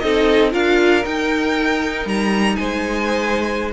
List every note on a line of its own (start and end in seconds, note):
0.00 0.54 C4
0.00 0.52 D#4
0.00 0.52 A4
0.00 0.51 D#5
0.52 1.05 D4
0.52 1.03 F4
0.52 2.57 A#4
0.52 1.05 F5
1.03 3.73 D#4
1.03 2.06 D#4
1.03 2.08 G5
2.06 2.57 G3
2.06 2.56 A#5
2.56 3.74 G#3
2.56 3.74 C5
2.56 3.72 G#5